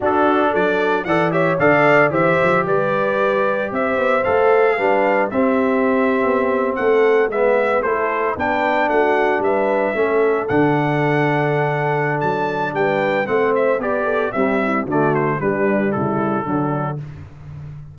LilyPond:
<<
  \new Staff \with { instrumentName = "trumpet" } { \time 4/4 \tempo 4 = 113 a'4 d''4 fis''8 e''8 f''4 | e''4 d''2 e''4 | f''2 e''2~ | e''8. fis''4 e''4 c''4 g''16~ |
g''8. fis''4 e''2 fis''16~ | fis''2. a''4 | g''4 fis''8 e''8 d''4 e''4 | d''8 c''8 b'4 a'2 | }
  \new Staff \with { instrumentName = "horn" } { \time 4/4 fis'4 a'4 d''8 cis''8 d''4 | c''4 b'2 c''4~ | c''4 b'4 g'2~ | g'8. a'4 b'4 a'4 b'16~ |
b'8. fis'4 b'4 a'4~ a'16~ | a'1 | b'4 c''4 b'8 a'8 g'8 e'8 | fis'4 d'4 e'4 d'4 | }
  \new Staff \with { instrumentName = "trombone" } { \time 4/4 d'2 a'8 g'8 a'4 | g'1 | a'4 d'4 c'2~ | c'4.~ c'16 b4 e'4 d'16~ |
d'2~ d'8. cis'4 d'16~ | d'1~ | d'4 c'4 g'4 g4 | a4 g2 fis4 | }
  \new Staff \with { instrumentName = "tuba" } { \time 4/4 d'4 fis4 e4 d4 | e8 f8 g2 c'8 b8 | a4 g4 c'4.~ c'16 b16~ | b8. a4 gis4 a4 b16~ |
b8. a4 g4 a4 d16~ | d2. fis4 | g4 a4 b4 c'4 | d4 g4 cis4 d4 | }
>>